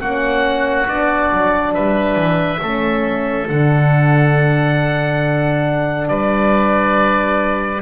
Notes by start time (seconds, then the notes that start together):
0.00 A#3 C#4 F#4 F#5
0.87 B3 D4 D5
1.32 F#3
1.74 G3 B4 E5
2.16 E3
2.62 A3 C#4 A4
3.49 D3 D4 F#5
6.08 G3 B4 D5